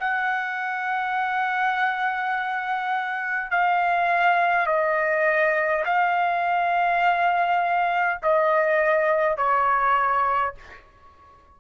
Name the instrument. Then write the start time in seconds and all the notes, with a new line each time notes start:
trumpet
0.00 F#5
3.51 F5
4.66 D#5
5.85 F5
8.22 D#5
9.37 C#5